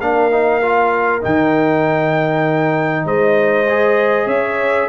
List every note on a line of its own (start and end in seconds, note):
0.00 1.23 A#3
0.00 0.31 D4
0.00 3.05 A#4
0.00 1.22 F5
0.31 0.61 D#4
0.62 1.21 F4
1.21 3.05 D#3
1.21 3.66 D#4
1.21 3.06 G5
3.05 4.26 G#3
3.05 4.27 C5
3.05 4.28 D#5
3.69 4.88 G#4
4.26 4.87 C#4
4.26 4.88 C#5
4.26 4.88 E5